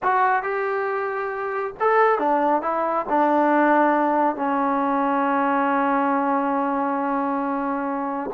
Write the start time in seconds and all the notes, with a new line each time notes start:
0.02 F#4
0.42 G4
1.80 A4
2.18 D4
2.62 E4
3.09 D4
4.36 C#4